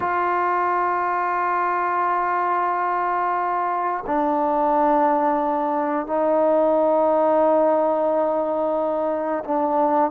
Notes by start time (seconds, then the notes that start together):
0.00 F4
4.06 D4
6.06 D#4
9.44 D4